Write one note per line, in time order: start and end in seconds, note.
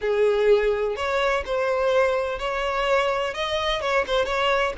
0.01 0.96 G#4
0.96 1.43 C#5
1.45 2.39 C5
2.39 3.33 C#5
3.33 3.81 D#5
3.81 4.05 C#5
4.06 4.25 C5
4.25 4.73 C#5